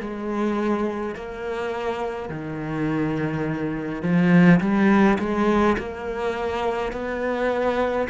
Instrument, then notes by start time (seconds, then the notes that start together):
cello
0.00 G#3
1.15 A#3
2.29 D#3
4.02 F3
4.60 G3
5.19 G#3
5.78 A#3
6.92 B3